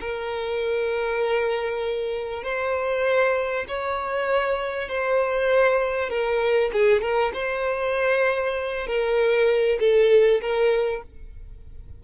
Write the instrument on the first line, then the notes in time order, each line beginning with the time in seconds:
violin
0.00 A#4
2.43 C5
3.68 C#5
4.88 C5
6.09 A#4
6.73 G#4
7.01 A#4
7.33 C5
8.87 A#4
9.79 A4
10.41 A#4